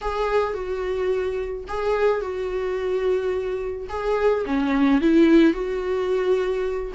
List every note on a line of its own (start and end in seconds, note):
0.01 0.53 G#4
0.53 1.64 F#4
1.68 2.21 G#4
2.21 3.87 F#4
3.89 4.44 G#4
4.45 5.01 C#4
5.01 5.53 E4
5.53 6.92 F#4